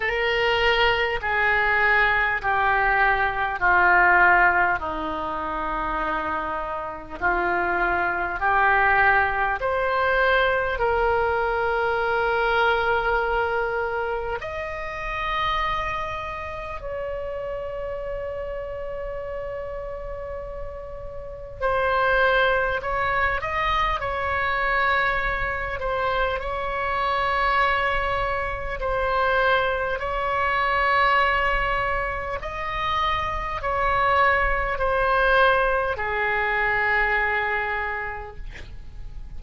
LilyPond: \new Staff \with { instrumentName = "oboe" } { \time 4/4 \tempo 4 = 50 ais'4 gis'4 g'4 f'4 | dis'2 f'4 g'4 | c''4 ais'2. | dis''2 cis''2~ |
cis''2 c''4 cis''8 dis''8 | cis''4. c''8 cis''2 | c''4 cis''2 dis''4 | cis''4 c''4 gis'2 | }